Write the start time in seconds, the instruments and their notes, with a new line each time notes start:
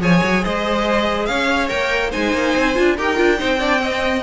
0.00 cello F3, viola G#4, violin C#5 G#5
0.23 cello F#3
0.44 cello G#3, violin C5 D#5
1.26 cello C#4, violin C#5 F5
1.68 cello A#3, viola A#4, violin G5
2.10 cello G#3, viola D#4, violin C5 G#5
2.33 cello A#3
2.56 cello C4
2.74 cello D4, viola F4
2.96 cello D#4, viola G4, violin A#4 G5
3.16 cello D4, viola F4
3.37 cello C4, viola D#4, violin C5
3.60 viola D4, violin D5
3.79 viola C4, violin D#5